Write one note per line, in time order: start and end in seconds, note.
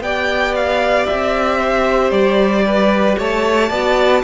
0.00 1.05 B3
0.00 3.72 G4
0.00 1.59 D5
0.00 0.55 G5
0.55 1.06 F5
1.06 2.11 C4
1.06 2.11 E5
1.59 2.64 C5
2.11 3.16 G3
2.11 3.16 D5
2.66 3.19 B4
3.19 3.70 A3
3.19 3.70 C#5
3.19 4.24 A5
3.70 4.23 B3
3.70 4.24 F#4
3.70 4.22 D5